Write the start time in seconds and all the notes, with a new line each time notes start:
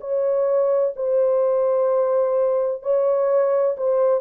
0.00 C#5
0.96 C5
2.82 C#5
3.77 C5